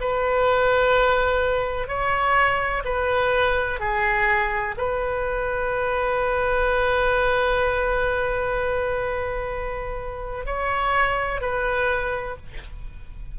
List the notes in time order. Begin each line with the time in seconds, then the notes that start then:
0.00 B4
1.87 C#5
2.84 B4
3.80 G#4
4.77 B4
10.45 C#5
11.41 B4